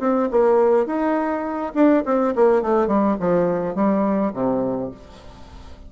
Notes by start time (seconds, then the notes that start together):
0.00 C4
0.31 A#3
0.86 D#4
1.75 D4
2.06 C4
2.35 A#3
2.62 A3
2.88 G3
3.20 F3
3.75 G3
4.33 C3